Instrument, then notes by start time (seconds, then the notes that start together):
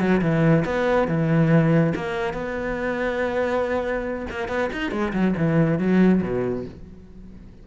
cello
0.00 F#3
0.22 E3
0.65 B3
1.08 E3
1.96 A#3
2.34 B3
4.31 A#3
4.49 B3
4.73 D#4
4.92 G#3
5.13 F#3
5.38 E3
5.79 F#3
6.23 B2